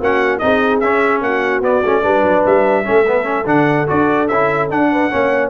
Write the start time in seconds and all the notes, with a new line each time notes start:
0.00 A#3 C#4 F#4 F#5
0.39 C4 D#4 G#4 D#5
0.80 C#4 E5
1.22 A#3 F#4 F#5
1.61 B3 D5
1.84 A3 C#4
2.02 G3 D4 B4
2.23 F#3
2.46 G3 E5
2.84 A3 C#4 A4
3.07 B3
3.24 C#4
3.46 D3 D4 F#5
3.87 D4 F#4 D5
4.28 C#4 E4 E5
4.70 D4 F#5
4.91 B4
5.10 A#3 C#4 C#5